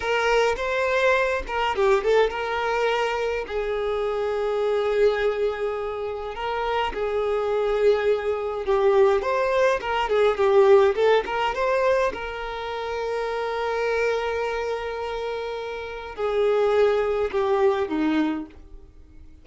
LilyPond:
\new Staff \with { instrumentName = "violin" } { \time 4/4 \tempo 4 = 104 ais'4 c''4. ais'8 g'8 a'8 | ais'2 gis'2~ | gis'2. ais'4 | gis'2. g'4 |
c''4 ais'8 gis'8 g'4 a'8 ais'8 | c''4 ais'2.~ | ais'1 | gis'2 g'4 dis'4 | }